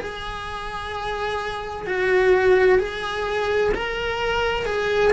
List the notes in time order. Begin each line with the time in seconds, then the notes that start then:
0.00 G#4
1.87 F#4
2.79 G#4
3.75 A#4
4.66 G#4